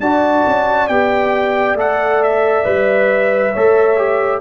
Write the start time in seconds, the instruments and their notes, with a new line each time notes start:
0.00 tuba D4, trombone F#4, horn D5, trumpet A5
0.47 tuba C#4
0.88 tuba B3, trombone G4, trumpet G5
1.75 tuba A3, trombone A4, trumpet F#5
2.23 trumpet E5
2.65 tuba G3, trombone B4
3.53 tuba A3, trombone A4, horn C#5
3.97 trombone G4